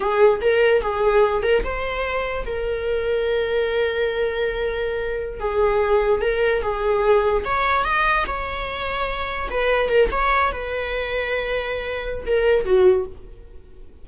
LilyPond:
\new Staff \with { instrumentName = "viola" } { \time 4/4 \tempo 4 = 147 gis'4 ais'4 gis'4. ais'8 | c''2 ais'2~ | ais'1~ | ais'4~ ais'16 gis'2 ais'8.~ |
ais'16 gis'2 cis''4 dis''8.~ | dis''16 cis''2. b'8.~ | b'16 ais'8 cis''4 b'2~ b'16~ | b'2 ais'4 fis'4 | }